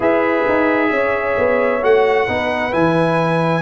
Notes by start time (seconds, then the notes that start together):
0.00 E4 G#4 B4 E5
0.48 D#4
0.90 C#4 C#5
1.37 B3
1.82 A3 F#4 F#5
2.26 B3 D#4 B4
2.71 E3 E4 G#5